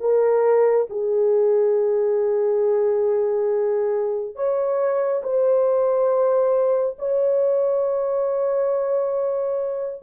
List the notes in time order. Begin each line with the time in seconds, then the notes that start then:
0.00 A#4
0.90 G#4
4.35 C#5
5.23 C5
6.98 C#5